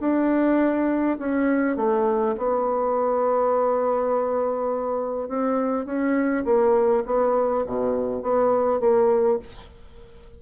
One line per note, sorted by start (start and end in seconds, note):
0.00 1.18 D4
1.19 1.76 C#4
1.76 2.35 A3
2.37 5.28 B3
5.28 5.86 C4
5.86 6.44 C#4
6.45 7.03 A#3
7.06 7.64 B3
7.66 8.22 B2
8.22 8.80 B3
8.80 9.39 A#3